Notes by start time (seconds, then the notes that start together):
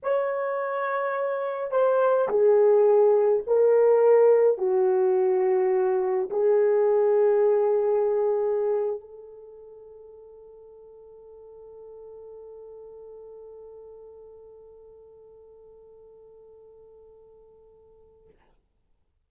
0.02 C#5
1.71 C5
2.29 G#4
3.46 A#4
4.57 F#4
6.30 G#4
9.00 A4